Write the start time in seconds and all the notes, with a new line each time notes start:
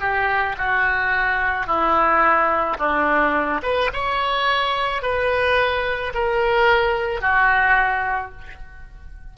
0.00 G4
0.58 F#4
1.66 E4
2.78 D4
3.63 B4
3.93 C#5
5.02 B4
6.14 A#4
7.21 F#4